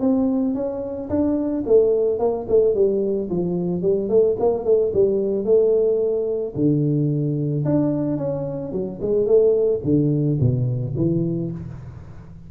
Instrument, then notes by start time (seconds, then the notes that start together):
tuba
0.00 C4
0.54 C#4
1.09 D4
1.66 A3
2.19 A#3
2.48 A3
2.74 G3
3.30 F3
3.82 G3
4.09 A3
4.39 A#3
4.65 A3
4.93 G3
5.44 A3
6.55 D3
7.65 D4
8.17 C#4
8.72 F#3
9.01 G#3
9.26 A3
9.84 D3
10.40 B2
10.96 E3